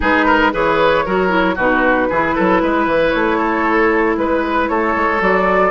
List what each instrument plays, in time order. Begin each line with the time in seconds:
0.00 bassoon G#3, clarinet D#4, oboe G#4, flute B4
0.25 oboe A#4
0.52 bassoon E3, clarinet G#4, oboe B4, flute C#5
1.05 bassoon F#3, clarinet F#4, oboe A#4
1.28 clarinet E4
1.55 bassoon B2, clarinet D#4, oboe F#4, flute B4
2.09 bassoon E3, clarinet E4, oboe G#4
2.35 bassoon F#3, oboe A4
2.62 bassoon G#3, oboe B4
2.86 bassoon E3
3.10 bassoon A3, flute C#5
3.37 oboe A4
4.17 bassoon G#3, flute B4, oboe B4
4.68 bassoon A3, oboe A4, flute C#5
4.95 bassoon G#3
5.19 bassoon F#3, clarinet F#4, flute D5